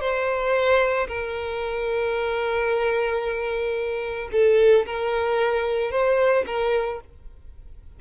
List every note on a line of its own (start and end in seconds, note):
0.00 1.07 C5
1.07 4.29 A#4
4.32 4.85 A4
4.86 5.91 A#4
5.91 6.45 C5
6.46 7.00 A#4